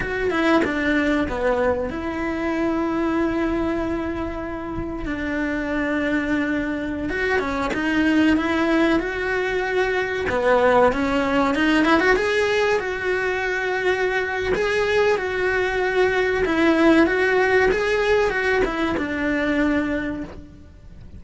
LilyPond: \new Staff \with { instrumentName = "cello" } { \time 4/4 \tempo 4 = 95 fis'8 e'8 d'4 b4 e'4~ | e'1 | d'2.~ d'16 fis'8 cis'16~ | cis'16 dis'4 e'4 fis'4.~ fis'16~ |
fis'16 b4 cis'4 dis'8 e'16 fis'16 gis'8.~ | gis'16 fis'2~ fis'8. gis'4 | fis'2 e'4 fis'4 | gis'4 fis'8 e'8 d'2 | }